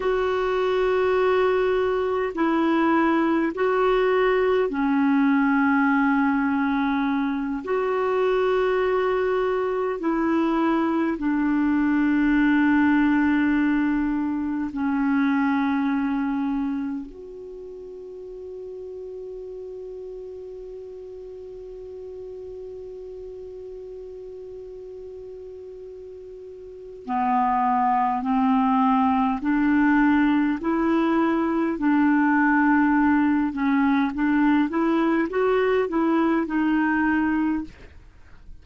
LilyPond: \new Staff \with { instrumentName = "clarinet" } { \time 4/4 \tempo 4 = 51 fis'2 e'4 fis'4 | cis'2~ cis'8 fis'4.~ | fis'8 e'4 d'2~ d'8~ | d'8 cis'2 fis'4.~ |
fis'1~ | fis'2. b4 | c'4 d'4 e'4 d'4~ | d'8 cis'8 d'8 e'8 fis'8 e'8 dis'4 | }